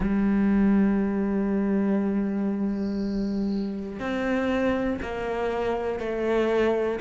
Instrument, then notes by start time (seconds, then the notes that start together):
cello
0.00 G3
4.00 C4
5.02 A#3
6.00 A3